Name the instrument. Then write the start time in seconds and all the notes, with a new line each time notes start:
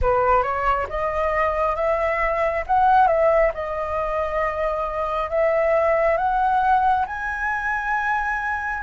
flute
0.01 B4
0.42 C#5
0.89 D#5
1.75 E5
2.67 F#5
3.07 E5
3.53 D#5
5.30 E5
6.17 F#5
7.06 G#5